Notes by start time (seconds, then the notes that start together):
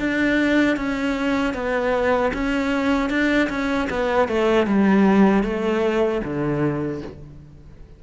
0.00 D4
0.77 C#4
1.54 B3
2.34 C#4
3.10 D4
3.50 C#4
3.90 B3
4.29 A3
4.67 G3
5.44 A3
6.24 D3